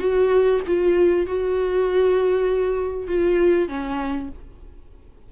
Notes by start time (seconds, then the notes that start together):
0.00 F#4
0.67 F4
1.27 F#4
3.08 F4
3.68 C#4